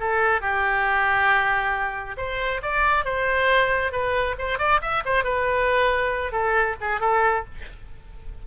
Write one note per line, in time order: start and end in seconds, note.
0.00 0.41 A4
0.41 2.16 G4
2.17 2.61 C5
2.62 3.05 D5
3.05 3.92 C5
3.92 4.36 B4
4.38 4.59 C5
4.59 4.81 D5
4.82 5.03 E5
5.05 5.24 C5
5.24 6.32 B4
6.32 6.76 A4
6.81 7.01 G#4
7.01 7.44 A4